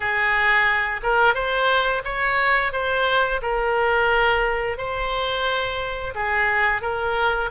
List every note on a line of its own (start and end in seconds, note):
0.00 1.00 G#4
1.03 1.34 A#4
1.34 2.02 C5
2.04 2.72 C#5
2.72 3.40 C5
3.42 4.77 A#4
4.77 6.14 C5
6.14 6.81 G#4
6.81 7.49 A#4